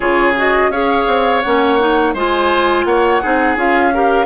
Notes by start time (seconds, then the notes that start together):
0.00 C#3 F4 G#4 C#5
0.36 F#4 D#5
0.68 C#4 G#4 C#5 F5
1.07 C4
1.42 A#3 C#4 F#5
1.79 D#4
2.14 G#3 F4 C5 G#5
2.84 A#3 C#5 F#5
3.22 C4 D#4 G#4
3.56 C#4 F4 F5
3.93 G4 A#4